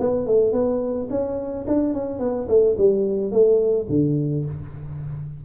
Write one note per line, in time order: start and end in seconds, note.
0.00 0.27 B3
0.27 0.53 A3
0.53 1.08 B3
1.10 1.66 C#4
1.67 1.94 D4
1.94 2.19 C#4
2.19 2.47 B3
2.48 2.76 A3
2.78 3.32 G3
3.32 3.87 A3
3.89 4.45 D3